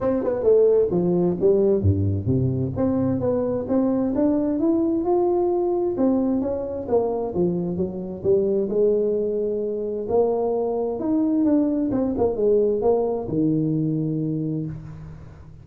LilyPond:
\new Staff \with { instrumentName = "tuba" } { \time 4/4 \tempo 4 = 131 c'8 b8 a4 f4 g4 | g,4 c4 c'4 b4 | c'4 d'4 e'4 f'4~ | f'4 c'4 cis'4 ais4 |
f4 fis4 g4 gis4~ | gis2 ais2 | dis'4 d'4 c'8 ais8 gis4 | ais4 dis2. | }